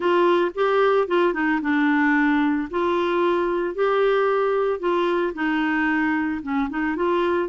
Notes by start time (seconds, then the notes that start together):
0.00 F4
0.55 G4
1.07 F4
1.33 D#4
1.61 D4
2.70 F4
3.74 G4
4.79 F4
5.34 D#4
6.42 C#4
6.69 D#4
6.96 F4